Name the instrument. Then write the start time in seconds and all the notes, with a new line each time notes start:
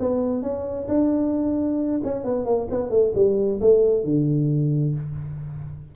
tuba
0.00 B3
0.43 C#4
0.88 D4
2.04 C#4
2.25 B3
2.46 A#3
2.71 B3
2.90 A3
3.15 G3
3.61 A3
4.05 D3